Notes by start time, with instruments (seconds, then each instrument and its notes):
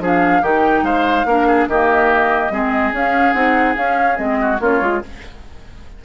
0.00 bassoon F3, clarinet D4, oboe G#4
0.07 flute F5
0.42 bassoon D#3, clarinet D#4, oboe G4, flute G5
0.83 bassoon G#3, oboe C5, flute F5
1.26 bassoon A#3, clarinet D4, oboe A#4
1.48 oboe G#4
1.68 bassoon D#3, clarinet A#3, oboe G4, flute D#5
2.51 bassoon G#3, clarinet C4, oboe G#4
2.93 bassoon C#4, clarinet C#4, flute F5
3.33 bassoon C4, clarinet D#4, flute F#5
3.76 clarinet C#4, bassoon C#4, flute F5
4.17 bassoon G#3, clarinet C4, flute D#5
4.41 oboe F#4
4.61 bassoon A#3, clarinet C#4, oboe F4, flute C#5
4.81 bassoon G#3, clarinet F4